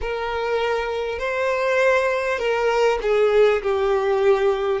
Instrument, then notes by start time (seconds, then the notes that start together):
violin
0.01 A#4
1.18 C5
2.38 A#4
3.02 G#4
3.62 G4